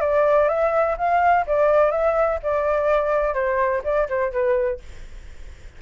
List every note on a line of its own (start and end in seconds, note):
0.00 0.48 D5
0.48 0.96 E5
0.97 1.45 F5
1.46 1.91 D5
1.91 2.39 E5
2.42 3.33 D5
3.33 3.81 C5
3.84 4.08 D5
4.08 4.32 C5
4.32 4.80 B4